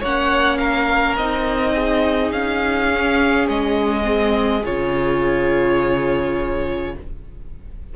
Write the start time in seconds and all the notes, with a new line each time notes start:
0.00 A#3 C#4 C#5 F#5
0.58 A#4 F5
1.17 C4 D#4 D#5
1.74 G#4
2.32 C#4 F5
2.92 C#4
3.48 G#3 D#5
4.03 C4
4.64 C#3 F4 C#5